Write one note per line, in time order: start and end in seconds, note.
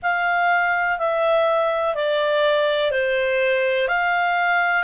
0.02 0.98 F5
0.98 1.94 E5
1.94 2.91 D5
2.91 3.88 C5
3.88 4.83 F5